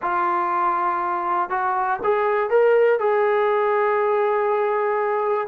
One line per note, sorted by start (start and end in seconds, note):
0.02 1.49 F4
1.49 1.99 F#4
2.03 2.50 G#4
2.50 2.99 A#4
2.99 5.47 G#4